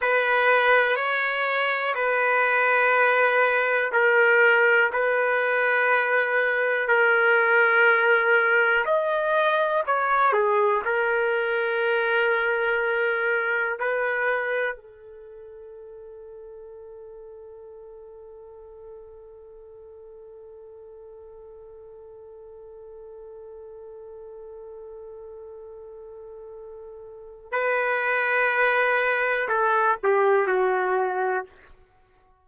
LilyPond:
\new Staff \with { instrumentName = "trumpet" } { \time 4/4 \tempo 4 = 61 b'4 cis''4 b'2 | ais'4 b'2 ais'4~ | ais'4 dis''4 cis''8 gis'8 ais'4~ | ais'2 b'4 a'4~ |
a'1~ | a'1~ | a'1 | b'2 a'8 g'8 fis'4 | }